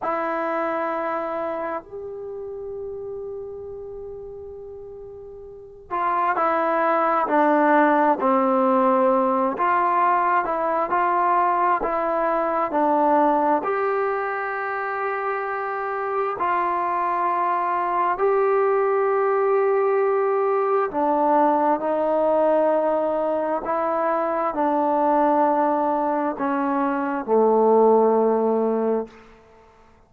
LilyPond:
\new Staff \with { instrumentName = "trombone" } { \time 4/4 \tempo 4 = 66 e'2 g'2~ | g'2~ g'8 f'8 e'4 | d'4 c'4. f'4 e'8 | f'4 e'4 d'4 g'4~ |
g'2 f'2 | g'2. d'4 | dis'2 e'4 d'4~ | d'4 cis'4 a2 | }